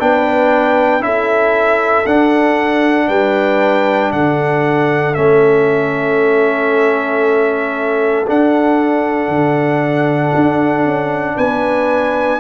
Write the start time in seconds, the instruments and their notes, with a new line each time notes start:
0.00 tuba B3, trombone D4, horn B4, trumpet G5
1.00 tuba C#4, trombone E4, horn A4, trumpet E5
2.06 tuba D4, trombone D4, trumpet F#5
3.08 tuba G3, horn B4, trumpet G5
4.12 tuba D3, horn A4, trumpet F#5
5.15 tuba A3, trombone C#4, trumpet E5
8.27 trombone D4, tuba D4, trumpet F#5
9.28 tuba D3
10.35 tuba D4
10.85 tuba C#4
11.36 tuba B3, horn B4, trumpet G#5